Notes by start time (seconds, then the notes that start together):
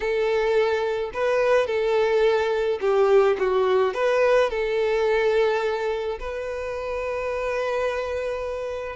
0.00 A4
1.13 B4
1.67 A4
2.80 G4
3.38 F#4
3.94 B4
4.50 A4
6.19 B4